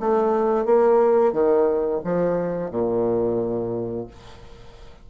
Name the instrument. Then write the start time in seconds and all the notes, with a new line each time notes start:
bassoon
0.00 A3
0.66 A#3
1.33 D#3
2.04 F3
2.71 A#2